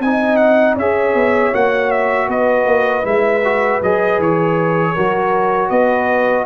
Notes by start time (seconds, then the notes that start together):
0.00 C4 D#4 D#5 G#5
0.37 F#5
0.76 C#4 G#4 C#5 E5
1.14 B3
1.53 A#3 F#4 F#5
1.91 E5
2.29 B3 B4 D#5
2.66 A#3
3.03 G#3 E4 E5
3.44 F#4
3.82 F#3 G#4 D#5
4.19 E3 C#5
4.94 F#3 F#4 A#4
5.70 B3 B4 D#5